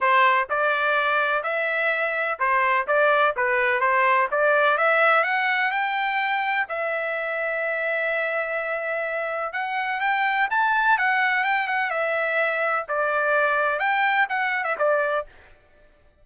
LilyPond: \new Staff \with { instrumentName = "trumpet" } { \time 4/4 \tempo 4 = 126 c''4 d''2 e''4~ | e''4 c''4 d''4 b'4 | c''4 d''4 e''4 fis''4 | g''2 e''2~ |
e''1 | fis''4 g''4 a''4 fis''4 | g''8 fis''8 e''2 d''4~ | d''4 g''4 fis''8. e''16 d''4 | }